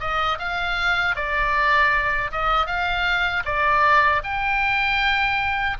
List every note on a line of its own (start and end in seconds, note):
0.00 0.38 D#5
0.39 1.16 F5
1.16 2.31 D5
2.31 2.66 D#5
2.66 3.43 F5
3.45 4.22 D5
4.23 5.77 G5